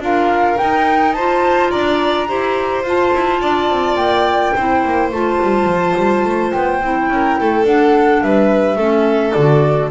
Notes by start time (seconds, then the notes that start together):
0.00 D4 F4 A#4 F5
0.58 D#4 G5
1.13 F4 C5 A5
1.70 D4 D5 A#5
2.28 E4 G4 C5
2.84 F4 A5
3.14 E4
3.41 D4 D5
3.70 C4
3.96 A#3 G5
4.55 C4 E4 C5
4.85 A#3
5.11 A3 F4 A5
5.42 G3
5.66 F3
5.97 G3
6.25 A3
6.52 B3 G5
6.82 C4 E4
7.09 C#4 A#4
7.40 A3 A4
7.65 D4 F#5
8.22 G3 B4 E5
8.76 A3 C#4 A4
9.33 D3 F#4 D5